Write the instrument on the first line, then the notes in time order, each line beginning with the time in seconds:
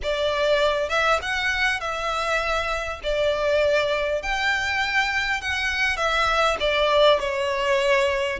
violin
0.02 D5
0.89 E5
1.22 F#5
1.80 E5
3.03 D5
4.22 G5
5.41 F#5
5.96 E5
6.60 D5
7.19 C#5